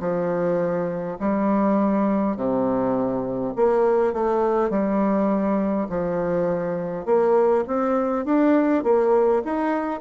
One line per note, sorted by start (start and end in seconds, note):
0.00 1.18 F3
1.19 2.36 G3
2.36 3.54 C3
3.56 4.13 A#3
4.13 4.70 A3
4.70 5.88 G3
5.89 7.05 F3
7.05 7.64 A#3
7.67 8.25 C4
8.25 8.83 D4
8.83 9.42 A#3
9.45 10.01 D#4